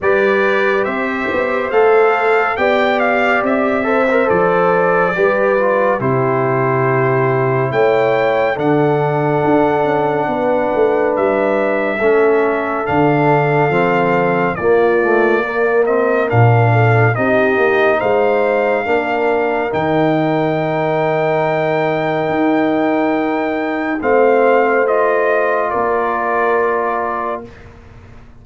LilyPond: <<
  \new Staff \with { instrumentName = "trumpet" } { \time 4/4 \tempo 4 = 70 d''4 e''4 f''4 g''8 f''8 | e''4 d''2 c''4~ | c''4 g''4 fis''2~ | fis''4 e''2 f''4~ |
f''4 d''4. dis''8 f''4 | dis''4 f''2 g''4~ | g''1 | f''4 dis''4 d''2 | }
  \new Staff \with { instrumentName = "horn" } { \time 4/4 b'4 c''2 d''4~ | d''8 c''4. b'4 g'4~ | g'4 cis''4 a'2 | b'2 a'2~ |
a'4 f'4 ais'4. a'8 | g'4 c''4 ais'2~ | ais'1 | c''2 ais'2 | }
  \new Staff \with { instrumentName = "trombone" } { \time 4/4 g'2 a'4 g'4~ | g'8 a'16 ais'16 a'4 g'8 f'8 e'4~ | e'2 d'2~ | d'2 cis'4 d'4 |
c'4 ais8 a8 ais8 c'8 d'4 | dis'2 d'4 dis'4~ | dis'1 | c'4 f'2. | }
  \new Staff \with { instrumentName = "tuba" } { \time 4/4 g4 c'8 b8 a4 b4 | c'4 f4 g4 c4~ | c4 a4 d4 d'8 cis'8 | b8 a8 g4 a4 d4 |
f4 ais2 ais,4 | c'8 ais8 gis4 ais4 dis4~ | dis2 dis'2 | a2 ais2 | }
>>